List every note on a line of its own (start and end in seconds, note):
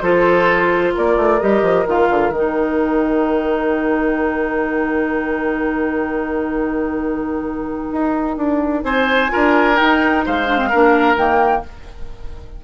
0.00 0.94 F3
0.00 1.40 F4
0.00 0.94 A4
0.00 0.93 C5
0.94 1.17 A#3
0.94 8.84 A#4
0.94 1.40 D5
1.17 1.40 A3
1.40 1.62 G3
1.40 1.86 G4
1.40 1.87 D#5
1.62 1.86 F3
1.86 2.09 D#3
1.86 2.33 F4
1.86 2.33 F5
2.10 2.30 D3
2.30 7.88 D#3
2.30 9.29 D#4
2.30 8.84 G5
7.92 8.37 D#4
8.37 8.83 D4
8.83 9.30 C4
8.83 9.31 C5
8.83 9.76 G#5
9.29 9.80 D4
9.29 9.75 F4
9.29 10.25 A#4
9.75 10.45 D#4
9.75 10.27 D#4
9.75 10.23 G5
10.25 10.73 G#3
10.25 10.69 C5
10.25 11.17 F5
10.47 10.57 D4
10.57 10.69 C4
10.69 11.16 A#3
10.69 11.17 D4
10.69 11.62 A#4
11.16 11.63 D#3
11.16 11.64 A#3
11.16 11.64 G5